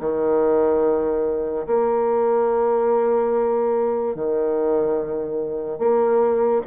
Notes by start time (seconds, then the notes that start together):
0.00 D#3
1.67 A#3
4.16 D#3
5.79 A#3